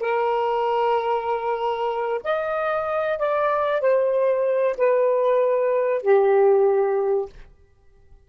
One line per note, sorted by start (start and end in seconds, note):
0.00 2.21 A#4
2.24 3.18 D#5
3.18 3.81 D5
3.81 4.75 C5
4.77 6.02 B4
6.02 7.28 G4